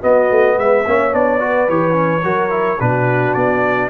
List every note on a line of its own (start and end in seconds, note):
0.00 0.84 B3
0.00 0.30 B3
0.00 0.56 F#4
0.00 0.58 D#5
0.30 0.57 A3
0.57 0.85 G#3
0.57 0.86 B4
0.57 1.14 E5
0.86 1.13 A#3
0.86 1.12 C#4
0.86 1.42 C#5
1.12 1.69 B3
1.12 1.39 D4
1.12 1.69 D5
1.39 1.67 F#4
1.39 2.24 B4
1.69 2.24 E3
1.69 1.92 G4
1.69 2.80 C#5
1.92 2.20 C#4
2.23 2.79 F#3
2.23 2.50 F#4
2.23 2.79 A#4
2.50 2.77 E4
2.79 3.35 B2
2.79 3.89 D4
2.79 3.89 F#4
2.79 3.34 B4
3.34 3.89 B3
3.34 3.89 D5